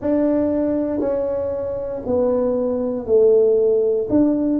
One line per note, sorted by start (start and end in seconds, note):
0.00 0.99 D4
0.99 2.01 C#4
2.06 3.06 B3
3.06 4.07 A3
4.09 4.59 D4